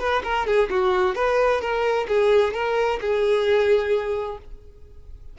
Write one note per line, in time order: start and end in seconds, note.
0.00 0.23 B4
0.24 0.47 A#4
0.47 0.70 G#4
0.70 1.16 F#4
1.16 1.62 B4
1.62 2.07 A#4
2.09 2.54 G#4
2.54 3.00 A#4
3.01 4.39 G#4